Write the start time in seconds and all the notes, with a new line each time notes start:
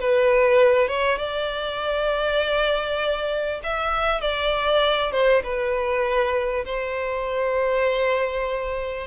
0.00 B4
0.88 C#5
1.18 D5
3.64 E5
4.21 D5
5.12 C5
5.44 B4
6.65 C5